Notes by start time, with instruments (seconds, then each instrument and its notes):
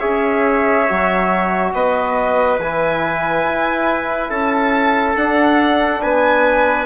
0.00 bassoon C#4, trombone G#4, trumpet C#5, violin E5
0.88 bassoon F#3, trombone F#4
1.74 bassoon B3, trumpet B4, violin D#5
2.59 bassoon E3, trombone E4, violin G#5
3.44 bassoon E4
4.30 bassoon C#4, trumpet A4, violin A5
5.16 trombone D4, bassoon D4, violin F#5
6.02 bassoon B3, trumpet B4, violin G#5